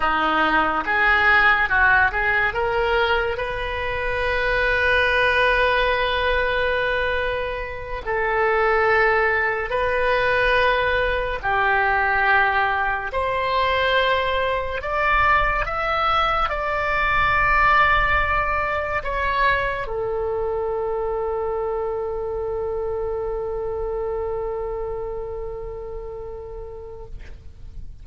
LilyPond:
\new Staff \with { instrumentName = "oboe" } { \time 4/4 \tempo 4 = 71 dis'4 gis'4 fis'8 gis'8 ais'4 | b'1~ | b'4. a'2 b'8~ | b'4. g'2 c''8~ |
c''4. d''4 e''4 d''8~ | d''2~ d''8 cis''4 a'8~ | a'1~ | a'1 | }